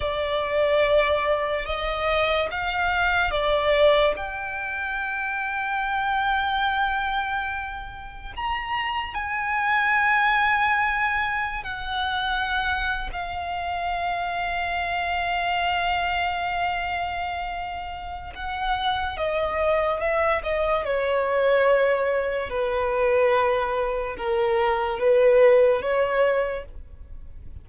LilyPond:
\new Staff \with { instrumentName = "violin" } { \time 4/4 \tempo 4 = 72 d''2 dis''4 f''4 | d''4 g''2.~ | g''2 ais''4 gis''4~ | gis''2 fis''4.~ fis''16 f''16~ |
f''1~ | f''2 fis''4 dis''4 | e''8 dis''8 cis''2 b'4~ | b'4 ais'4 b'4 cis''4 | }